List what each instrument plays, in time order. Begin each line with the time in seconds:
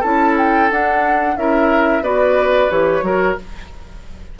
0.00 bassoon C#4, clarinet E4, oboe A4, flute A5
0.38 flute G5
0.70 clarinet D4, bassoon D4, flute F#5
1.37 bassoon C#4, clarinet E4, oboe A#4, flute E5
2.02 bassoon B3, clarinet F#4, oboe B4, flute D5
2.70 bassoon E3, clarinet G4, flute C#5
3.02 bassoon F#3, clarinet F#4, oboe A#4